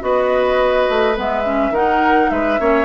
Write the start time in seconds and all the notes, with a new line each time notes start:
0.00 B3 F#4 B4 D#5
0.89 A3
1.15 G#3 B3 E5
1.45 C#4
1.70 D#3 D#4 A#4 F#5
2.30 G#3 B4 E5
2.59 A#3 C#4 C#5